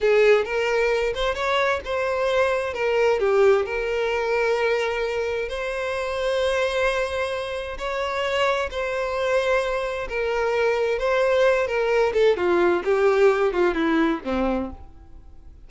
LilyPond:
\new Staff \with { instrumentName = "violin" } { \time 4/4 \tempo 4 = 131 gis'4 ais'4. c''8 cis''4 | c''2 ais'4 g'4 | ais'1 | c''1~ |
c''4 cis''2 c''4~ | c''2 ais'2 | c''4. ais'4 a'8 f'4 | g'4. f'8 e'4 c'4 | }